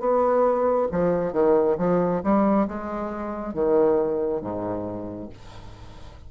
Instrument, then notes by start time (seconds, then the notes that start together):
bassoon
0.00 B3
0.92 F3
1.33 D#3
1.78 F3
2.24 G3
2.68 G#3
3.55 D#3
4.42 G#2